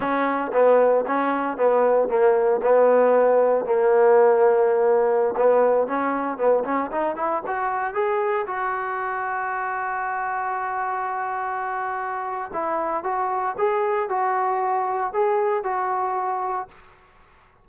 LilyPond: \new Staff \with { instrumentName = "trombone" } { \time 4/4 \tempo 4 = 115 cis'4 b4 cis'4 b4 | ais4 b2 ais4~ | ais2~ ais16 b4 cis'8.~ | cis'16 b8 cis'8 dis'8 e'8 fis'4 gis'8.~ |
gis'16 fis'2.~ fis'8.~ | fis'1 | e'4 fis'4 gis'4 fis'4~ | fis'4 gis'4 fis'2 | }